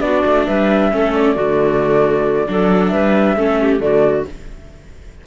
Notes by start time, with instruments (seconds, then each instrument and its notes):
0.00 cello B3, viola D4, clarinet F#4, flute D5
0.25 cello A3
0.45 cello G3, clarinet B4, flute E5
0.91 cello A3, viola C#4, clarinet A4
1.13 flute D5
1.35 cello D3, viola A3, clarinet F#4
2.47 cello F#3, viola D4, clarinet A4
2.87 cello G3, clarinet B4, flute E5
3.36 cello A3, viola C#4, clarinet A4
3.60 clarinet G4
3.79 cello D3, viola A3, clarinet F#4, flute D5